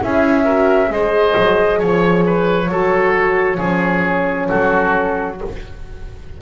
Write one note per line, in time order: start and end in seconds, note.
0.00 0.89 C#4
0.00 0.45 E4
0.00 0.44 G#4
0.00 0.92 E5
0.44 0.87 F#4
0.44 0.89 A#4
0.87 1.34 G#3
0.87 2.66 G#4
0.87 1.79 C5
0.87 1.81 D#5
1.37 1.81 F#3
1.79 2.69 F3
1.79 2.24 C#5
1.79 4.48 C#5
2.26 2.70 B4
2.69 3.58 F#3
2.69 3.58 F#4
2.69 3.57 A4
3.57 4.49 F3
3.57 5.37 C#4
3.57 4.47 G#4
4.48 5.41 F#3
4.48 5.38 F#4
4.48 5.37 A4